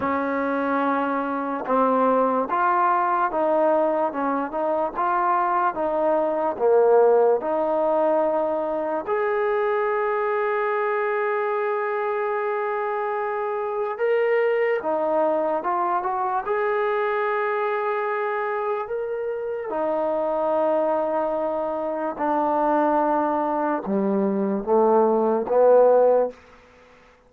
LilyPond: \new Staff \with { instrumentName = "trombone" } { \time 4/4 \tempo 4 = 73 cis'2 c'4 f'4 | dis'4 cis'8 dis'8 f'4 dis'4 | ais4 dis'2 gis'4~ | gis'1~ |
gis'4 ais'4 dis'4 f'8 fis'8 | gis'2. ais'4 | dis'2. d'4~ | d'4 g4 a4 b4 | }